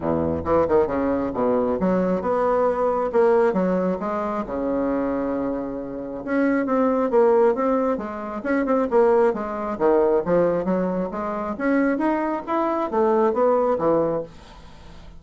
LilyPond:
\new Staff \with { instrumentName = "bassoon" } { \time 4/4 \tempo 4 = 135 e,4 e8 dis8 cis4 b,4 | fis4 b2 ais4 | fis4 gis4 cis2~ | cis2 cis'4 c'4 |
ais4 c'4 gis4 cis'8 c'8 | ais4 gis4 dis4 f4 | fis4 gis4 cis'4 dis'4 | e'4 a4 b4 e4 | }